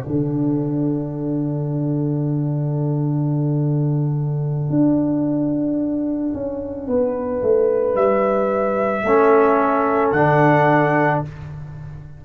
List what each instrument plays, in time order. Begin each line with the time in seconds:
0.00 trombone D4, horn A4, trumpet F#5
0.06 tuba D3
4.70 tuba D4
6.33 tuba C#4
6.87 tuba B3, horn B4
7.42 tuba A3
7.95 tuba G3, trumpet E5
9.03 tuba A3, trombone C#4, horn A4
10.11 tuba D3, trombone D4, trumpet F#5